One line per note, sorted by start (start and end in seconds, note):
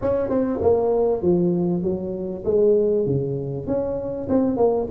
0.01 0.29 C#4
0.29 0.60 C4
0.61 1.21 A#3
1.21 1.83 F3
1.83 2.44 F#3
2.44 3.06 G#3
3.06 3.67 C#3
3.67 4.28 C#4
4.29 4.56 C4
4.56 4.87 A#3